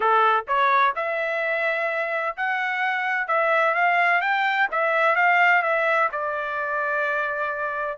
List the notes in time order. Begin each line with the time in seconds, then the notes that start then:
0.00 A4
0.47 C#5
0.95 E5
2.37 F#5
3.27 E5
3.74 F5
4.21 G5
4.71 E5
5.15 F5
5.62 E5
6.12 D5